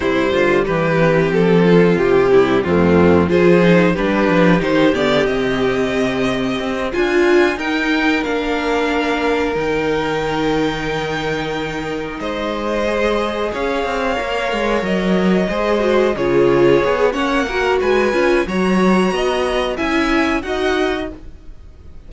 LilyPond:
<<
  \new Staff \with { instrumentName = "violin" } { \time 4/4 \tempo 4 = 91 c''4 b'4 a'4 g'4 | f'4 c''4 b'4 c''8 d''8 | dis''2~ dis''8 gis''4 g''8~ | g''8 f''2 g''4.~ |
g''2~ g''8 dis''4.~ | dis''8 f''2 dis''4.~ | dis''8 cis''4. fis''4 gis''4 | ais''2 gis''4 fis''4 | }
  \new Staff \with { instrumentName = "violin" } { \time 4/4 e'8 f'8 g'4. f'4 e'8 | c'4 gis'4 g'2~ | g'2~ g'8 f'4 ais'8~ | ais'1~ |
ais'2~ ais'8 c''4.~ | c''8 cis''2. c''8~ | c''8 gis'4. cis''8 ais'8 b'4 | cis''4 dis''4 e''4 dis''4 | }
  \new Staff \with { instrumentName = "viola" } { \time 4/4 g4. c'2 g8 | a4 f'8 dis'8 d'4 dis'8 b8 | c'2~ c'8 f'4 dis'8~ | dis'8 d'2 dis'4.~ |
dis'2.~ dis'8 gis'8~ | gis'4. ais'2 gis'8 | fis'8 f'4 gis'8 cis'8 fis'4 f'8 | fis'2 e'4 fis'4 | }
  \new Staff \with { instrumentName = "cello" } { \time 4/4 c8 d8 e4 f4 c4 | f,4 f4 g8 f8 dis8 d8 | c2 c'8 d'4 dis'8~ | dis'8 ais2 dis4.~ |
dis2~ dis8 gis4.~ | gis8 cis'8 c'8 ais8 gis8 fis4 gis8~ | gis8 cis4 b8 ais4 gis8 cis'8 | fis4 b4 cis'4 dis'4 | }
>>